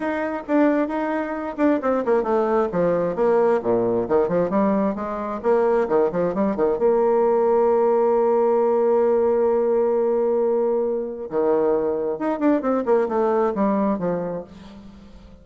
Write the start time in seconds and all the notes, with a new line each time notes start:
0.00 D#4
0.47 D4
0.88 D#4
1.57 D4
1.82 C4
2.05 A#3
2.23 A3
2.72 F3
3.15 A#3
3.63 A#2
4.08 D#3
4.28 F3
4.50 G3
4.95 G#3
5.43 A#3
5.88 D#3
6.11 F3
6.34 G3
6.56 D#3
6.78 A#3
11.29 D#3
12.18 D#4
12.39 D4
12.61 C4
12.85 A#3
13.08 A3
13.55 G3
13.98 F3